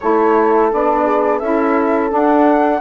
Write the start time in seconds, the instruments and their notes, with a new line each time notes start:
0.00 bassoon A3, saxophone E4, horn A4, flute C#5
0.70 bassoon B3, saxophone D4, flute D5
1.04 horn G#4
1.38 bassoon C#4, saxophone E4, horn A4, flute E5
2.09 saxophone D4, bassoon D4, flute F#5